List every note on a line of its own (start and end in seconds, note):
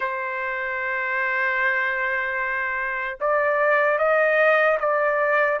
0.00 3.18 C5
3.20 3.98 D5
3.98 4.78 D#5
4.80 5.60 D5